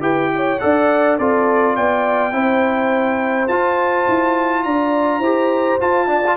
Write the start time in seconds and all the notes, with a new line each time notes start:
0.00 E4 G4 B4 G5
0.36 C#5
0.59 D4 A4 D5 F#5
1.18 C4 F4 A4 D5
1.75 B3 D5 G5
2.32 C4 E4 C5
3.48 F4 A5
4.08 E4
4.63 D4 D5 A#5
5.19 E4 G4 C5
5.81 F4 A5
6.07 D4 D5
6.27 F4